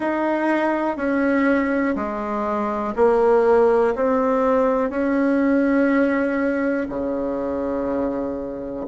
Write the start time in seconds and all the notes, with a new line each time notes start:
0.00 D#4
0.97 C#4
1.95 G#3
2.96 A#3
3.95 C4
4.90 C#4
6.89 C#3